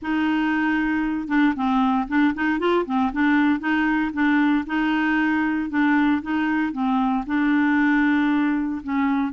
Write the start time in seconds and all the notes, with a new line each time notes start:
0.01 D#4
1.28 D4
1.55 C4
2.08 D4
2.34 D#4
2.59 F4
2.85 C4
3.12 D4
3.59 D#4
4.13 D4
4.66 D#4
5.69 D4
6.21 D#4
6.72 C4
7.26 D4
8.83 C#4